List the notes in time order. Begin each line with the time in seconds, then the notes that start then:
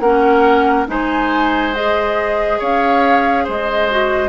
0.00 A#3 C#4 A#4 F#5
0.87 G#3 D#4 C5 G#5
1.74 G#4 D#5
2.59 C#4 C#5 F5
3.44 G#3 C5 D#5
3.91 F#4